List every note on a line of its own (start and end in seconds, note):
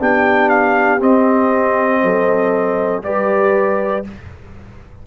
0.00 1.02 B3
0.00 0.99 D4
0.00 2.04 G4
0.00 0.49 G5
0.49 1.00 F5
0.99 3.02 C4
0.99 2.03 C4
0.99 3.04 D#5
2.03 3.03 F#3
2.03 3.05 A4
3.03 4.05 G3
3.03 4.04 G4
3.03 4.07 B4
3.03 4.05 D5